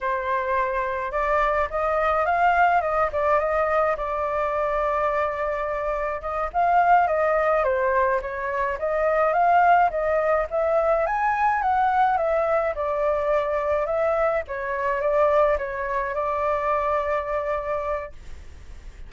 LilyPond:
\new Staff \with { instrumentName = "flute" } { \time 4/4 \tempo 4 = 106 c''2 d''4 dis''4 | f''4 dis''8 d''8 dis''4 d''4~ | d''2. dis''8 f''8~ | f''8 dis''4 c''4 cis''4 dis''8~ |
dis''8 f''4 dis''4 e''4 gis''8~ | gis''8 fis''4 e''4 d''4.~ | d''8 e''4 cis''4 d''4 cis''8~ | cis''8 d''2.~ d''8 | }